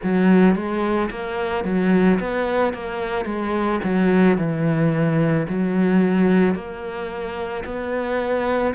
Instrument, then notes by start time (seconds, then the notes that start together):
cello
0.03 F#3
0.55 G#3
1.10 A#3
1.64 F#3
2.19 B3
2.73 A#3
3.25 G#3
3.83 F#3
4.37 E3
5.48 F#3
6.55 A#3
7.64 B3